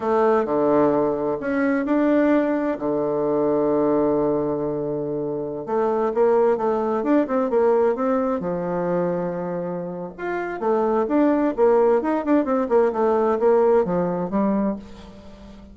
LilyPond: \new Staff \with { instrumentName = "bassoon" } { \time 4/4 \tempo 4 = 130 a4 d2 cis'4 | d'2 d2~ | d1~ | d16 a4 ais4 a4 d'8 c'16~ |
c'16 ais4 c'4 f4.~ f16~ | f2 f'4 a4 | d'4 ais4 dis'8 d'8 c'8 ais8 | a4 ais4 f4 g4 | }